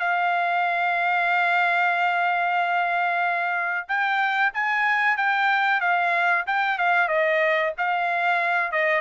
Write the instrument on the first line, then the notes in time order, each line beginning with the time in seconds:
trumpet
0.00 F5
3.88 G5
4.54 G#5
5.17 G5
5.80 F5
6.47 G5
6.78 F5
7.09 D#5
7.78 F5
8.72 D#5